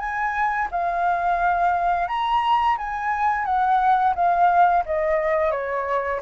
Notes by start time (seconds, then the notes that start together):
0.00 G#5
0.71 F5
2.08 A#5
2.78 G#5
3.45 F#5
4.15 F5
4.86 D#5
5.52 C#5